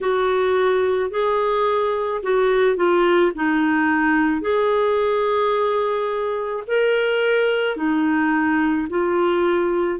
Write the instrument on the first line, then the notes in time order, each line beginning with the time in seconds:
clarinet
0.01 F#4
1.10 G#4
2.22 F#4
2.76 F4
3.35 D#4
4.41 G#4
6.67 A#4
7.76 D#4
8.89 F4